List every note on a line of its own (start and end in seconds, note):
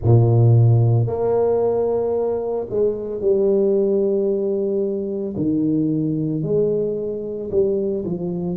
0.03 1.06 A#2
1.06 2.67 A#3
2.69 3.20 G#3
3.20 5.35 G3
5.36 6.42 D#3
6.42 7.50 G#3
7.50 8.04 G3
8.04 8.57 F3